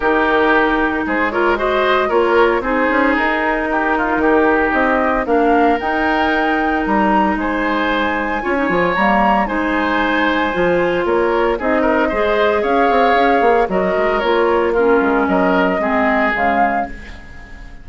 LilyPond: <<
  \new Staff \with { instrumentName = "flute" } { \time 4/4 \tempo 4 = 114 ais'2 c''8 cis''8 dis''4 | cis''4 c''4 ais'2~ | ais'4 dis''4 f''4 g''4~ | g''4 ais''4 gis''2~ |
gis''4 ais''4 gis''2~ | gis''4 cis''4 dis''2 | f''2 dis''4 cis''4 | ais'4 dis''2 f''4 | }
  \new Staff \with { instrumentName = "oboe" } { \time 4/4 g'2 gis'8 ais'8 c''4 | ais'4 gis'2 g'8 f'8 | g'2 ais'2~ | ais'2 c''2 |
cis''2 c''2~ | c''4 ais'4 gis'8 ais'8 c''4 | cis''2 ais'2 | f'4 ais'4 gis'2 | }
  \new Staff \with { instrumentName = "clarinet" } { \time 4/4 dis'2~ dis'8 f'8 fis'4 | f'4 dis'2.~ | dis'2 d'4 dis'4~ | dis'1 |
f'16 dis'16 f'8 ais4 dis'2 | f'2 dis'4 gis'4~ | gis'2 fis'4 f'4 | cis'2 c'4 gis4 | }
  \new Staff \with { instrumentName = "bassoon" } { \time 4/4 dis2 gis2 | ais4 c'8 cis'8 dis'2 | dis4 c'4 ais4 dis'4~ | dis'4 g4 gis2 |
cis'8 f8 g4 gis2 | f4 ais4 c'4 gis4 | cis'8 c'8 cis'8 ais8 fis8 gis8 ais4~ | ais8 gis8 fis4 gis4 cis4 | }
>>